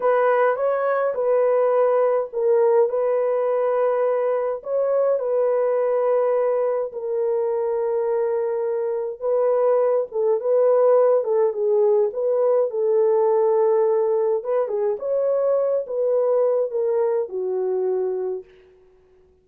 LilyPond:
\new Staff \with { instrumentName = "horn" } { \time 4/4 \tempo 4 = 104 b'4 cis''4 b'2 | ais'4 b'2. | cis''4 b'2. | ais'1 |
b'4. a'8 b'4. a'8 | gis'4 b'4 a'2~ | a'4 b'8 gis'8 cis''4. b'8~ | b'4 ais'4 fis'2 | }